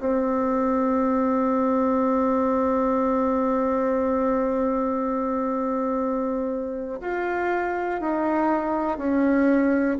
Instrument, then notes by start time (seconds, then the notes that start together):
bassoon
0.00 C4
7.00 F4
8.00 D#4
8.98 C#4